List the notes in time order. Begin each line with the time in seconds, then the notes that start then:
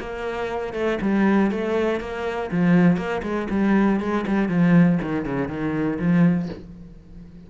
0.00 A#3
0.74 A3
1.02 G3
1.51 A3
2.00 A#3
2.52 F3
2.97 A#3
3.23 G#3
3.50 G3
4.00 G#3
4.27 G3
4.49 F3
5.02 D#3
5.25 C#3
5.48 D#3
5.99 F3